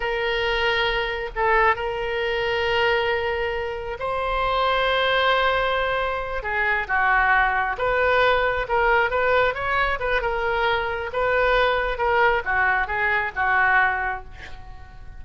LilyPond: \new Staff \with { instrumentName = "oboe" } { \time 4/4 \tempo 4 = 135 ais'2. a'4 | ais'1~ | ais'4 c''2.~ | c''2~ c''8 gis'4 fis'8~ |
fis'4. b'2 ais'8~ | ais'8 b'4 cis''4 b'8 ais'4~ | ais'4 b'2 ais'4 | fis'4 gis'4 fis'2 | }